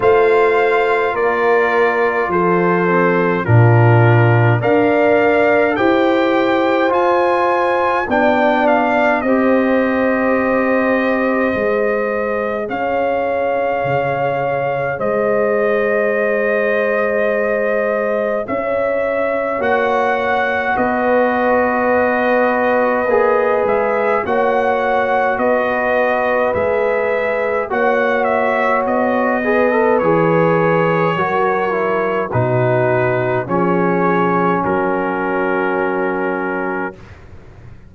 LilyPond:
<<
  \new Staff \with { instrumentName = "trumpet" } { \time 4/4 \tempo 4 = 52 f''4 d''4 c''4 ais'4 | f''4 g''4 gis''4 g''8 f''8 | dis''2. f''4~ | f''4 dis''2. |
e''4 fis''4 dis''2~ | dis''8 e''8 fis''4 dis''4 e''4 | fis''8 e''8 dis''4 cis''2 | b'4 cis''4 ais'2 | }
  \new Staff \with { instrumentName = "horn" } { \time 4/4 c''4 ais'4 a'4 f'4 | d''4 c''2 d''4 | c''2. cis''4~ | cis''4 c''2. |
cis''2 b'2~ | b'4 cis''4 b'2 | cis''4. b'4. ais'4 | fis'4 gis'4 fis'2 | }
  \new Staff \with { instrumentName = "trombone" } { \time 4/4 f'2~ f'8 c'8 d'4 | ais'4 g'4 f'4 d'4 | g'2 gis'2~ | gis'1~ |
gis'4 fis'2. | gis'4 fis'2 gis'4 | fis'4. gis'16 a'16 gis'4 fis'8 e'8 | dis'4 cis'2. | }
  \new Staff \with { instrumentName = "tuba" } { \time 4/4 a4 ais4 f4 ais,4 | d'4 e'4 f'4 b4 | c'2 gis4 cis'4 | cis4 gis2. |
cis'4 ais4 b2 | ais8 gis8 ais4 b4 gis4 | ais4 b4 e4 fis4 | b,4 f4 fis2 | }
>>